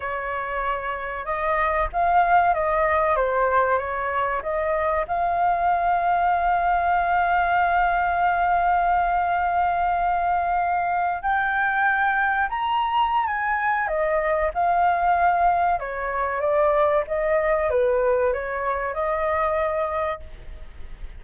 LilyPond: \new Staff \with { instrumentName = "flute" } { \time 4/4 \tempo 4 = 95 cis''2 dis''4 f''4 | dis''4 c''4 cis''4 dis''4 | f''1~ | f''1~ |
f''4.~ f''16 g''2 ais''16~ | ais''4 gis''4 dis''4 f''4~ | f''4 cis''4 d''4 dis''4 | b'4 cis''4 dis''2 | }